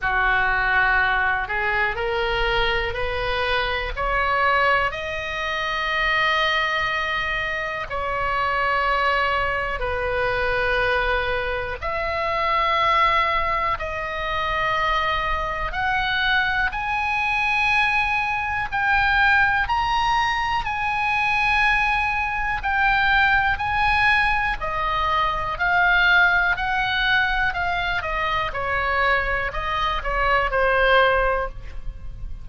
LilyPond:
\new Staff \with { instrumentName = "oboe" } { \time 4/4 \tempo 4 = 61 fis'4. gis'8 ais'4 b'4 | cis''4 dis''2. | cis''2 b'2 | e''2 dis''2 |
fis''4 gis''2 g''4 | ais''4 gis''2 g''4 | gis''4 dis''4 f''4 fis''4 | f''8 dis''8 cis''4 dis''8 cis''8 c''4 | }